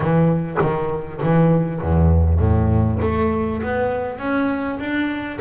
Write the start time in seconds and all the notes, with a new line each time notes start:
0.00 E3
0.61 D#3
1.22 E3
1.81 E2
2.39 A2
3.02 A3
3.62 B3
4.18 C#4
4.79 D4